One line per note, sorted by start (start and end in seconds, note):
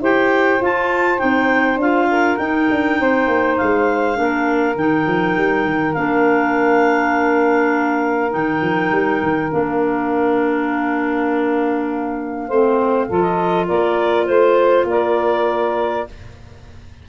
0.00 0.59 E4
0.00 0.59 G4
0.00 2.08 C5
0.00 0.62 G5
0.59 1.17 F4
0.59 1.20 F4
0.59 1.18 A5
1.17 1.76 C4
1.17 1.76 D#4
1.17 1.78 G5
1.76 2.35 D4
1.76 2.38 F4
1.76 2.37 F5
2.10 2.99 A#4
2.37 2.68 D#4
2.37 4.14 D#4
2.37 3.56 G5
2.70 2.99 D4
2.99 3.27 C4
2.99 4.18 C5
3.27 3.56 A#3
3.57 4.17 G#3
3.57 4.76 F5
4.14 4.75 A#3
4.14 4.74 D4
4.14 12.48 A#4
4.75 5.05 D#3
4.75 5.95 D#4
4.75 5.93 G5
5.07 5.36 F3
5.37 5.64 G3
5.64 5.94 D#3
5.93 8.34 A#3
5.93 8.30 D4
5.93 8.30 F5
8.30 8.61 D#3
8.30 9.48 D#4
8.30 9.51 G5
8.61 8.91 F3
8.91 9.21 G3
9.22 9.52 D#3
9.51 12.49 A#3
9.51 12.48 D4
9.51 13.20 F5
12.48 13.09 A3
12.48 13.09 C4
12.48 13.07 C5
13.08 13.69 F3
13.08 16.06 F4
13.08 13.66 A4
13.20 13.65 D#5
13.66 14.28 A#3
13.66 14.25 A#4
13.66 14.25 D5
14.25 14.84 A3
14.25 14.84 C5
14.25 14.87 C5
14.84 16.03 A#3
14.84 16.08 A#4
14.84 16.08 D5